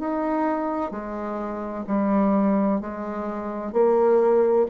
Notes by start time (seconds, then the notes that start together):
0.00 D#4
0.92 G#3
1.87 G3
2.81 G#3
3.73 A#3